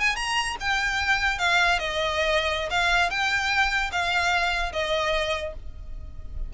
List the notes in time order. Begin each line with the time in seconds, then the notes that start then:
0.00 G#5
0.16 A#5
0.61 G5
1.39 F5
1.79 D#5
2.71 F5
3.10 G5
3.92 F5
4.73 D#5